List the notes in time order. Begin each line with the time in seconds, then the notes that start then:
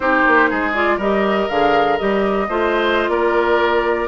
0.00 C4 D#4 G4 C5
0.27 A#3
0.50 G#3 G#4
0.74 F4 D5
0.97 G3 G4 A#4 D#5
1.49 D3 G#4 F5
1.98 G3 G4 D#5
2.48 A3 F4 C5
3.08 A#3 A#4 D5